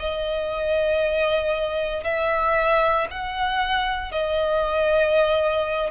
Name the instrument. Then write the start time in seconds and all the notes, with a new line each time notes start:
violin
0.00 D#5
2.05 E5
3.11 F#5
4.12 D#5